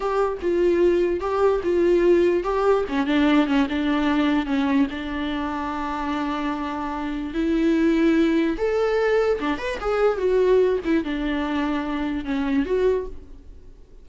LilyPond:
\new Staff \with { instrumentName = "viola" } { \time 4/4 \tempo 4 = 147 g'4 f'2 g'4 | f'2 g'4 cis'8 d'8~ | d'8 cis'8 d'2 cis'4 | d'1~ |
d'2 e'2~ | e'4 a'2 d'8 b'8 | gis'4 fis'4. e'8 d'4~ | d'2 cis'4 fis'4 | }